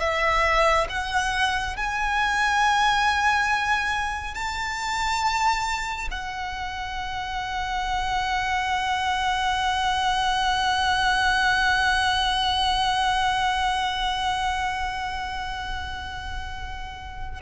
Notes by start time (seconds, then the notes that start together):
0.00 E5
0.89 F#5
1.76 G#5
4.34 A5
6.11 F#5